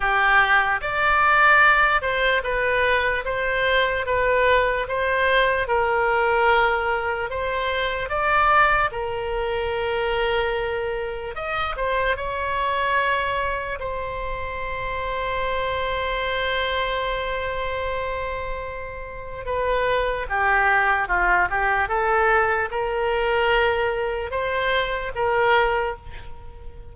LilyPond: \new Staff \with { instrumentName = "oboe" } { \time 4/4 \tempo 4 = 74 g'4 d''4. c''8 b'4 | c''4 b'4 c''4 ais'4~ | ais'4 c''4 d''4 ais'4~ | ais'2 dis''8 c''8 cis''4~ |
cis''4 c''2.~ | c''1 | b'4 g'4 f'8 g'8 a'4 | ais'2 c''4 ais'4 | }